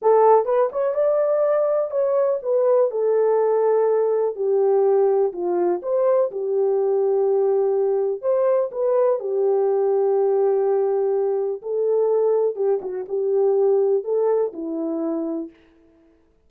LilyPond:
\new Staff \with { instrumentName = "horn" } { \time 4/4 \tempo 4 = 124 a'4 b'8 cis''8 d''2 | cis''4 b'4 a'2~ | a'4 g'2 f'4 | c''4 g'2.~ |
g'4 c''4 b'4 g'4~ | g'1 | a'2 g'8 fis'8 g'4~ | g'4 a'4 e'2 | }